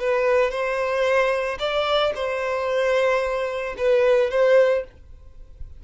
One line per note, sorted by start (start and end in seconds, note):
0.00 0.51 B4
0.51 1.59 C5
1.60 2.13 D5
2.16 3.76 C5
3.78 4.31 B4
4.31 4.84 C5